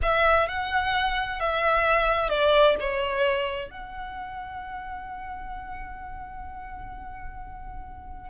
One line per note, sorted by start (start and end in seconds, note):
0.02 0.48 E5
0.48 1.40 F#5
1.40 2.29 E5
2.29 2.75 D5
2.79 3.70 C#5
3.70 8.29 F#5